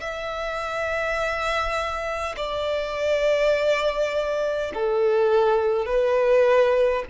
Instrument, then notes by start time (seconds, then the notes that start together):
violin
0.00 E5
2.36 D5
4.74 A4
5.86 B4